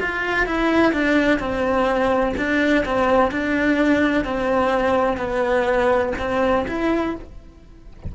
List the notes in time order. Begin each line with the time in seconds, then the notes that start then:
0.00 F4
0.46 E4
0.93 D4
1.39 C4
2.37 D4
2.85 C4
3.31 D4
4.25 C4
5.17 B3
6.19 C4
6.68 E4